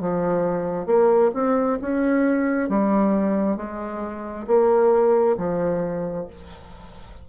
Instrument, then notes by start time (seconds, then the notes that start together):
bassoon
0.00 F3
0.86 A#3
1.34 C4
1.81 C#4
2.69 G3
3.56 G#3
4.47 A#3
5.37 F3